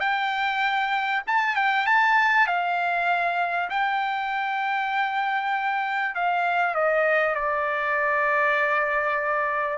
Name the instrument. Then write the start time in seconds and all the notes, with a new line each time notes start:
trumpet
0.00 G5
1.27 A5
1.56 G5
1.86 A5
2.47 F5
3.70 G5
6.15 F5
6.75 D#5
7.35 D5